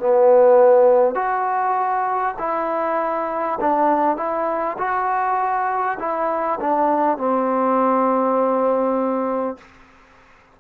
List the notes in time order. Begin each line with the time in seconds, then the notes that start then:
0.00 B3
1.16 F#4
2.39 E4
3.61 D4
4.17 E4
4.78 F#4
5.99 E4
6.61 D4
7.18 C4